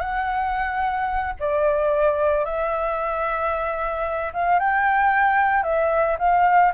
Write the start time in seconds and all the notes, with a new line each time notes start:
0.00 F#5
1.39 D5
2.45 E5
4.33 F5
4.59 G5
5.63 E5
6.19 F5